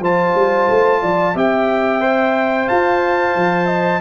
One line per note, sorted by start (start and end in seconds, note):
0.00 0.33 F3
0.00 1.35 F4
0.00 1.01 C5
0.00 1.38 A5
0.35 0.68 G3
0.70 1.03 A3
1.02 1.35 F3
1.02 1.35 D5
1.35 2.68 C4
1.35 2.01 G4
1.35 2.67 E5
1.35 2.69 G5
2.01 4.01 C5
2.67 3.36 F4
2.67 3.67 F5
2.67 4.02 A5
3.36 4.02 F3
3.67 4.00 D#5